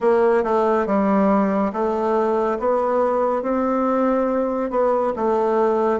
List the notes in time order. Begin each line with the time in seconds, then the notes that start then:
0.00 A#3
0.43 A3
0.86 G3
1.72 A3
2.59 B3
3.42 C4
4.70 B3
5.16 A3